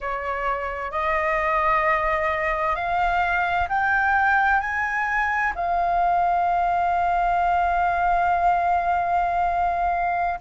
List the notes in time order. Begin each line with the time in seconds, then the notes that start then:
0.00 C#5
0.91 D#5
2.75 F5
3.68 G5
4.60 G#5
5.55 F5